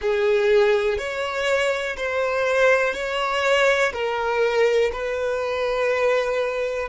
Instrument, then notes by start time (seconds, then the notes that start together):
violin
0.00 G#4
0.97 C#5
1.97 C5
2.94 C#5
3.93 A#4
4.92 B4